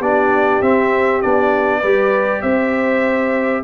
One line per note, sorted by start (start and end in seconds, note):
0.00 0.61 B3
0.00 0.62 D4
0.00 1.80 G4
0.00 0.62 D5
0.61 1.22 C4
0.61 1.23 C4
0.61 1.22 E5
1.22 1.83 B3
1.22 1.84 D4
1.22 2.42 D5
1.80 2.43 G3
1.80 3.64 G4
1.80 2.41 B4
2.42 3.64 C4
2.42 3.64 C5
2.42 3.63 E5